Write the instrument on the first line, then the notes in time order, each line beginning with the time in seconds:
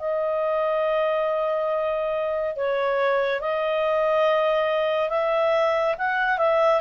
clarinet
0.00 D#5
2.57 C#5
3.41 D#5
5.10 E5
5.98 F#5
6.39 E5